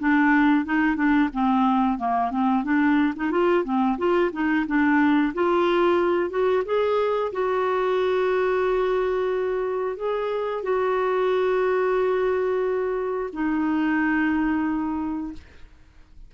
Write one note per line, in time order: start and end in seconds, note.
0.00 0.66 D4
0.66 0.96 D#4
0.96 1.30 D4
1.34 1.99 C4
1.99 2.31 A#3
2.31 2.64 C4
2.64 3.14 D4
3.17 3.32 D#4
3.32 3.65 F4
3.65 3.98 C4
3.98 4.32 F4
4.33 4.66 D#4
4.67 5.34 D4
5.34 6.30 F4
6.30 6.64 F#4
6.66 7.32 G#4
7.33 9.97 F#4
9.97 10.64 G#4
10.64 13.30 F#4
13.33 15.33 D#4